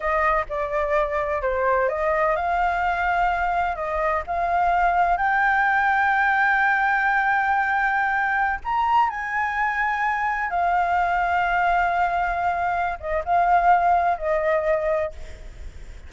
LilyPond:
\new Staff \with { instrumentName = "flute" } { \time 4/4 \tempo 4 = 127 dis''4 d''2 c''4 | dis''4 f''2. | dis''4 f''2 g''4~ | g''1~ |
g''2~ g''16 ais''4 gis''8.~ | gis''2~ gis''16 f''4.~ f''16~ | f''2.~ f''8 dis''8 | f''2 dis''2 | }